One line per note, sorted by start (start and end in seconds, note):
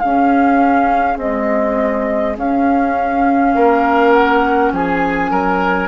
0.00 1.18 C#4
0.00 1.19 C#4
0.00 3.55 G#4
0.00 1.18 F5
1.18 2.37 G#3
1.18 2.35 C4
1.18 2.37 D#5
2.38 3.56 C#4
2.38 5.88 C#4
2.38 4.13 F5
3.55 4.73 A#3
3.55 4.73 A#4
4.13 4.72 F#5
4.73 5.31 F3
4.73 5.31 G#4
4.73 5.88 G#5
5.31 5.88 F#3
5.31 5.88 A#4